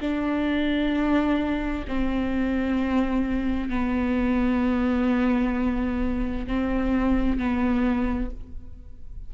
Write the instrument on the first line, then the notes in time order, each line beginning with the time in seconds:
viola
0.00 D4
1.88 C4
3.69 B3
6.47 C4
7.38 B3